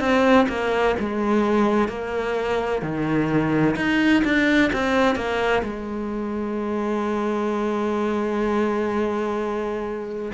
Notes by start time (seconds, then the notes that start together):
0.00 C4
0.49 A#3
1.00 G#3
1.88 A#3
2.82 D#3
3.76 D#4
4.24 D4
4.73 C4
5.16 A#3
5.63 G#3